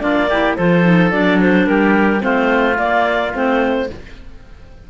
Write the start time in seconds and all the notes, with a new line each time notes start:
0.00 A#3 D4 F4 D5
0.29 E4 G4
0.57 F3 F4 A4 C5
0.84 D#4
1.12 F#3 D4 D5
1.41 C5
1.67 G3 G4 A#4
2.20 A3 C4 F4 C5
2.78 A#3 D5
3.33 A3 C4 C5